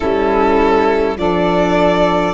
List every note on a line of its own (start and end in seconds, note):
0.00 1.17 G3
0.00 1.18 C#4
0.00 1.17 E4
0.00 1.17 A4
1.17 2.34 F3
1.17 2.34 D4
1.17 2.34 A4
1.17 2.34 D5